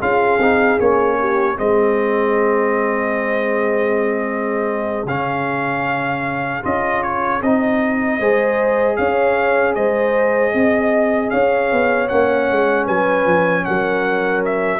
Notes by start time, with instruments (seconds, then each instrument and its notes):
0.00 tuba C#4, trombone F4, horn G#4, trumpet F5
0.39 tuba C4, trombone D#4
0.79 tuba A#3, trombone C#4, trumpet C#5
1.20 horn G4
1.56 tuba G#3, trombone C4, horn G#4, trumpet D#5
5.05 tuba C#3, trombone C#4, trumpet F5
6.63 tuba C#4, trombone F4, trumpet D#5
7.03 trumpet C#5
7.42 tuba C4, trombone D#4, trumpet D#5
8.20 tuba G#3, trombone G#4, horn C5
8.96 tuba C#4, horn C#5, trumpet F5
9.75 tuba G#3, horn C5, trumpet D#5
10.54 tuba C4, horn D#5
11.30 tuba C#4, horn C#5, trumpet F5
11.72 tuba B3
12.09 tuba A#3, trombone C#4, trumpet F#5
12.51 tuba G#3
12.86 tuba F#3, horn B4, trumpet G#5
13.26 tuba F3
13.65 tuba F#3, horn A#4, trumpet F#5
14.45 trumpet E5